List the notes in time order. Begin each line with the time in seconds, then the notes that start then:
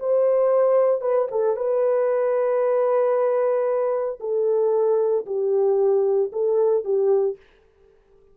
0.00 C5
1.02 B4
1.32 A4
1.57 B4
4.21 A4
5.27 G4
6.33 A4
6.85 G4